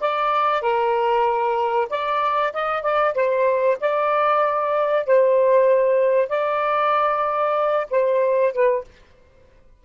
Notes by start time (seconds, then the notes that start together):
0.00 D5
0.61 A#4
1.89 D5
2.53 D#5
2.82 D5
3.14 C5
3.80 D5
5.06 C5
6.29 D5
7.90 C5
8.53 B4